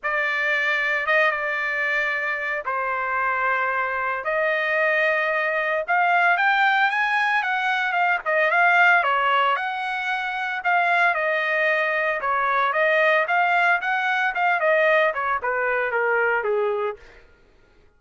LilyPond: \new Staff \with { instrumentName = "trumpet" } { \time 4/4 \tempo 4 = 113 d''2 dis''8 d''4.~ | d''4 c''2. | dis''2. f''4 | g''4 gis''4 fis''4 f''8 dis''8 |
f''4 cis''4 fis''2 | f''4 dis''2 cis''4 | dis''4 f''4 fis''4 f''8 dis''8~ | dis''8 cis''8 b'4 ais'4 gis'4 | }